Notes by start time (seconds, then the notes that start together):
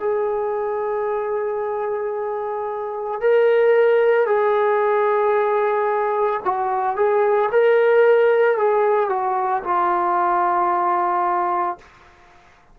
0.00 G#4
3.21 A#4
4.27 G#4
6.44 F#4
6.96 G#4
7.51 A#4
8.58 G#4
9.09 F#4
9.64 F4